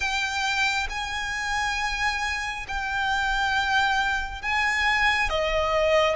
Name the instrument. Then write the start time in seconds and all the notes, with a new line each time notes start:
violin
0.00 G5
0.89 G#5
2.68 G5
4.42 G#5
5.29 D#5